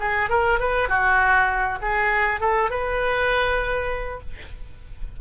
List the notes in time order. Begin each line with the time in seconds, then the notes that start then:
0.00 G#4
0.29 A#4
0.59 B4
0.89 F#4
1.82 G#4
2.40 A4
2.70 B4